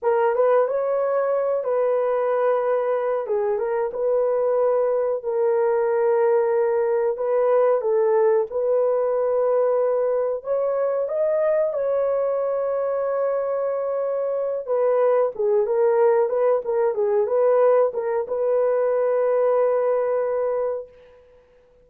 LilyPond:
\new Staff \with { instrumentName = "horn" } { \time 4/4 \tempo 4 = 92 ais'8 b'8 cis''4. b'4.~ | b'4 gis'8 ais'8 b'2 | ais'2. b'4 | a'4 b'2. |
cis''4 dis''4 cis''2~ | cis''2~ cis''8 b'4 gis'8 | ais'4 b'8 ais'8 gis'8 b'4 ais'8 | b'1 | }